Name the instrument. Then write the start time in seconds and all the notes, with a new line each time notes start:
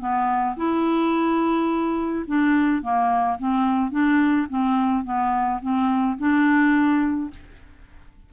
clarinet
0.00 B3
0.57 E4
2.28 D4
2.82 A#3
3.39 C4
3.92 D4
4.50 C4
5.05 B3
5.62 C4
6.19 D4